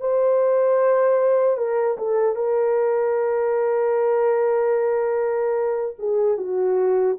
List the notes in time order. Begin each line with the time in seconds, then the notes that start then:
0.00 C5
1.57 A#4
1.97 A4
2.35 A#4
5.99 G#4
6.37 F#4